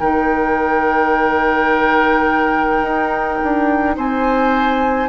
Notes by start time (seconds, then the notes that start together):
0.00 D#3 D#4 A#4 G5
2.82 D#4
3.44 D4
3.97 C4 C5 G#5